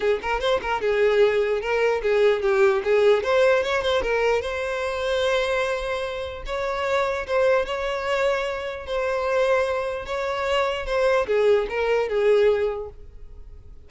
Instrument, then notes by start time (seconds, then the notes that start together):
violin
0.00 G#4
0.22 A#4
0.40 C5
0.62 A#4
0.81 G#4
1.61 A#4
2.02 G#4
2.42 G4
2.84 G#4
3.23 C5
3.63 C#5
3.82 C5
4.02 A#4
4.41 C5
6.46 C#5
7.26 C5
7.65 C#5
8.86 C5
10.05 C#5
10.86 C5
11.27 G#4
11.69 A#4
12.08 G#4